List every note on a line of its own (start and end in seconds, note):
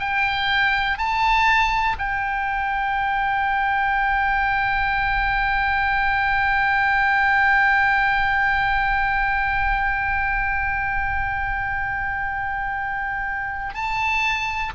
0.00 0.98 G5
0.98 1.97 A5
1.99 13.74 G5
13.74 14.73 A5